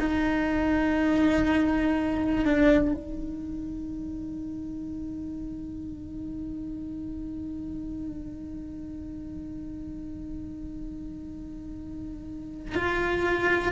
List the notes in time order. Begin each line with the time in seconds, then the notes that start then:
0.00 D#4
2.45 D4
2.94 D#4
12.75 F4